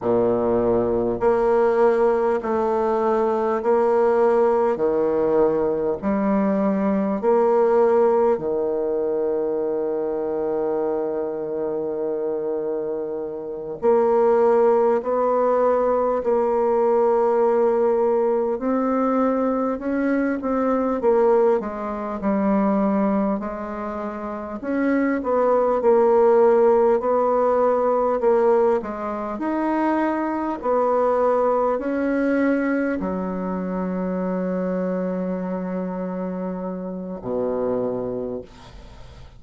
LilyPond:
\new Staff \with { instrumentName = "bassoon" } { \time 4/4 \tempo 4 = 50 ais,4 ais4 a4 ais4 | dis4 g4 ais4 dis4~ | dis2.~ dis8 ais8~ | ais8 b4 ais2 c'8~ |
c'8 cis'8 c'8 ais8 gis8 g4 gis8~ | gis8 cis'8 b8 ais4 b4 ais8 | gis8 dis'4 b4 cis'4 fis8~ | fis2. b,4 | }